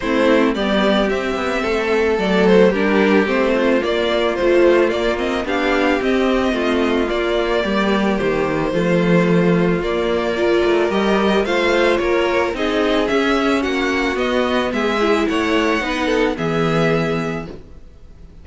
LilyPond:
<<
  \new Staff \with { instrumentName = "violin" } { \time 4/4 \tempo 4 = 110 c''4 d''4 e''2 | d''8 c''8 ais'4 c''4 d''4 | c''4 d''8 dis''8 f''4 dis''4~ | dis''4 d''2 c''4~ |
c''2 d''2 | dis''4 f''4 cis''4 dis''4 | e''4 fis''4 dis''4 e''4 | fis''2 e''2 | }
  \new Staff \with { instrumentName = "violin" } { \time 4/4 e'4 g'2 a'4~ | a'4 g'4. f'4.~ | f'2 g'2 | f'2 g'2 |
f'2. ais'4~ | ais'4 c''4 ais'4 gis'4~ | gis'4 fis'2 gis'4 | cis''4 b'8 a'8 gis'2 | }
  \new Staff \with { instrumentName = "viola" } { \time 4/4 c'4 b4 c'2 | a4 d'4 c'4 ais4 | f4 ais8 c'8 d'4 c'4~ | c'4 ais2. |
a2 ais4 f'4 | g'4 f'2 dis'4 | cis'2 b4. e'8~ | e'4 dis'4 b2 | }
  \new Staff \with { instrumentName = "cello" } { \time 4/4 a4 g4 c'8 b8 a4 | fis4 g4 a4 ais4 | a4 ais4 b4 c'4 | a4 ais4 g4 dis4 |
f2 ais4. a8 | g4 a4 ais4 c'4 | cis'4 ais4 b4 gis4 | a4 b4 e2 | }
>>